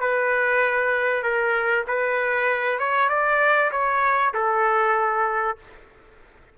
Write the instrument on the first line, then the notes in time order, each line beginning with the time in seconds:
trumpet
0.00 B4
1.23 A#4
1.88 B4
2.79 C#5
3.09 D5
3.71 C#5
4.34 A4